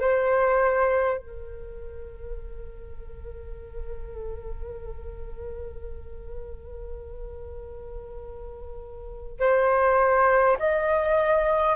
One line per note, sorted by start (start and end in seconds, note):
0.00 1.18 C5
1.18 9.40 A#4
9.40 10.58 C5
10.59 11.76 D#5